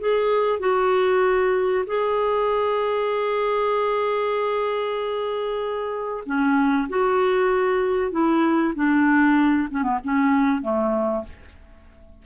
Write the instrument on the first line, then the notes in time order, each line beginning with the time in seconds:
clarinet
0.00 G#4
0.60 F#4
1.87 G#4
6.26 C#4
6.89 F#4
8.12 E4
8.76 D4
9.71 C#4
9.83 B3
10.04 C#4
10.62 A3